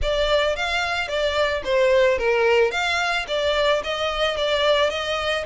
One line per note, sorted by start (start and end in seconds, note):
0.01 0.56 D5
0.56 1.08 F5
1.08 1.62 D5
1.64 2.18 C5
2.18 2.71 A#4
2.71 3.26 F5
3.27 3.82 D5
3.83 4.36 D#5
4.36 4.90 D5
4.90 5.44 D#5